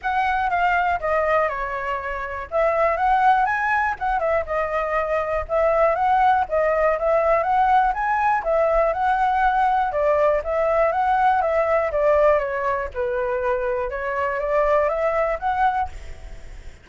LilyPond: \new Staff \with { instrumentName = "flute" } { \time 4/4 \tempo 4 = 121 fis''4 f''4 dis''4 cis''4~ | cis''4 e''4 fis''4 gis''4 | fis''8 e''8 dis''2 e''4 | fis''4 dis''4 e''4 fis''4 |
gis''4 e''4 fis''2 | d''4 e''4 fis''4 e''4 | d''4 cis''4 b'2 | cis''4 d''4 e''4 fis''4 | }